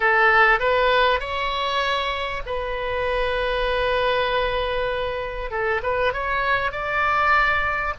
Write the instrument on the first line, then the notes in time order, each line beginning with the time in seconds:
oboe
0.00 A4
0.59 B4
1.19 C#5
2.46 B4
5.50 A4
5.82 B4
6.13 C#5
6.71 D5